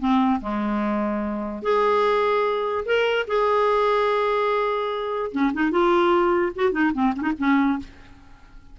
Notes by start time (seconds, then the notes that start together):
0.00 C4
0.42 G#3
1.63 G#4
2.86 A#4
3.28 G#4
5.32 C#4
5.54 D#4
5.72 F4
6.56 F#4
6.72 D#4
6.94 C4
7.17 C#4 D#4
7.39 C#4